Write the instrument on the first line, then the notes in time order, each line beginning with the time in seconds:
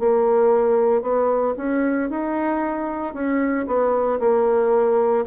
bassoon
0.00 A#3
1.02 B3
1.57 C#4
2.11 D#4
3.14 C#4
3.67 B3
4.20 A#3